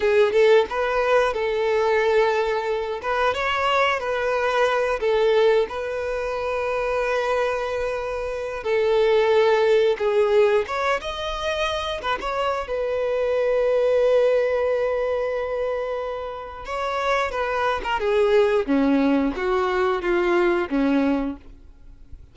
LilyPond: \new Staff \with { instrumentName = "violin" } { \time 4/4 \tempo 4 = 90 gis'8 a'8 b'4 a'2~ | a'8 b'8 cis''4 b'4. a'8~ | a'8 b'2.~ b'8~ | b'4 a'2 gis'4 |
cis''8 dis''4. b'16 cis''8. b'4~ | b'1~ | b'4 cis''4 b'8. ais'16 gis'4 | cis'4 fis'4 f'4 cis'4 | }